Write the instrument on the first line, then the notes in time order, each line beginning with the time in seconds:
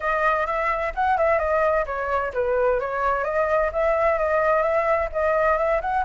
flute
0.00 D#5
0.46 E5
0.95 F#5
1.17 E5
1.38 D#5
1.86 C#5
2.33 B4
2.80 C#5
3.24 D#5
3.72 E5
4.18 D#5
4.62 E5
5.12 D#5
5.57 E5
5.81 F#5